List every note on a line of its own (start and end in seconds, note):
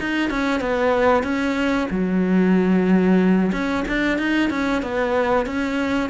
0.00 0.30 D#4
0.30 0.60 C#4
0.60 1.23 B3
1.23 1.88 C#4
1.91 3.52 F#3
3.52 3.85 C#4
3.88 4.18 D4
4.18 4.50 D#4
4.50 4.82 C#4
4.82 5.46 B3
5.46 6.10 C#4